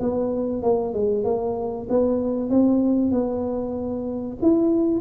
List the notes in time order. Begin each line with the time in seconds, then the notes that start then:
0.00 B3
0.63 A#3
0.94 G#3
1.24 A#3
1.89 B3
2.50 C4
3.12 B3
4.42 E4